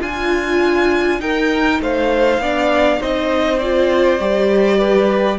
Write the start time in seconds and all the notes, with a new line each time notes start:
0.00 D4 F4 G#5
1.20 D#4 A#4 G5
1.80 A3 C5 F5
2.38 B3 D4 D5
3.00 C4 D#4 C5 D#5
3.59 F4 D5
4.20 G3 G4
4.78 B4